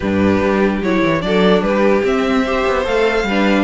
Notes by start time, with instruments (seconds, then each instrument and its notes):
0.00 cello G2, viola D4, violin G4 B4
0.40 cello G3
0.82 cello F#3, viola E4, violin C#5
1.03 cello E3
1.20 cello F#3, viola D4, violin D5
1.26 violin A4
1.61 cello G3, violin G4 B4
2.03 viola C4, cello C4, violin E5
2.45 viola G4, violin C5
2.67 cello B3
2.85 cello A3, viola A4, violin F5
3.23 cello G3, violin B4
3.30 viola D4